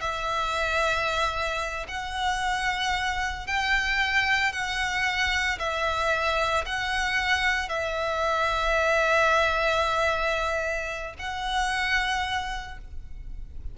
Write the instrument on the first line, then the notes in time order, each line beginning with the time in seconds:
violin
0.00 E5
1.88 F#5
3.47 G5
4.52 F#5
5.58 E5
6.66 F#5
7.69 E5
11.19 F#5